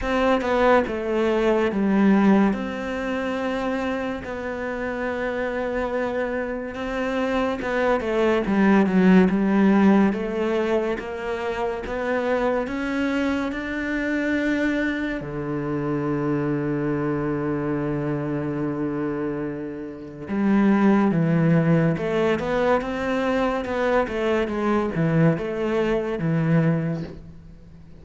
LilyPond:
\new Staff \with { instrumentName = "cello" } { \time 4/4 \tempo 4 = 71 c'8 b8 a4 g4 c'4~ | c'4 b2. | c'4 b8 a8 g8 fis8 g4 | a4 ais4 b4 cis'4 |
d'2 d2~ | d1 | g4 e4 a8 b8 c'4 | b8 a8 gis8 e8 a4 e4 | }